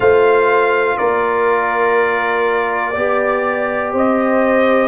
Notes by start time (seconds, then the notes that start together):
0.00 A3 F4 C5 F5
0.97 A#3 A#4 D5
2.91 B3 G4 D5
3.92 C4 C5 D#5